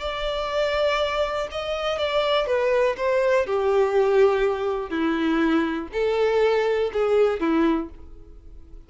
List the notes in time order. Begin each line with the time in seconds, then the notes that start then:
0.00 D5
1.51 D#5
1.98 D5
2.47 B4
2.97 C5
3.46 G4
4.90 E4
5.92 A4
6.93 G#4
7.40 E4